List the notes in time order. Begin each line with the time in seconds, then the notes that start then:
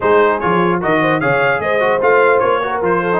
0.00 G#3 D#4 G#4 C5
0.39 F3 F4 C#5
0.80 D#3 F#4 A#4 D#5
1.01 C5
1.20 C#3 G#4 C#5 F5
1.59 G#3 C5 D#5
1.80 F#4
2.01 A3 F4 F5
2.39 A#3 C#5
2.62 F#4 A#4
2.82 F3 F4 C5
3.01 A4
3.12 D#4